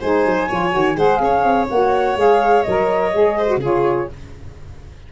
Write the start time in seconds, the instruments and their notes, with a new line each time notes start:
0.00 tuba G#3, saxophone D#4, violin C5, flute G#5
0.25 tuba F#3
0.48 tuba F3, saxophone F4, violin C#5
0.70 tuba D#3, saxophone F#4
0.95 tuba G#3, saxophone G#4, violin C5, flute F#5
1.17 tuba C#4, flute F5
1.24 violin C#5
1.44 tuba C4
1.70 tuba A#3, saxophone F#4, flute F#5
2.16 tuba G#3, saxophone G#4, flute F5
2.63 tuba F#3, saxophone A#4, flute D#5
3.12 tuba G#3, saxophone G#4
3.37 violin C5
3.48 saxophone F#4
3.56 tuba C#3, saxophone F4, violin G#4
3.64 flute C#5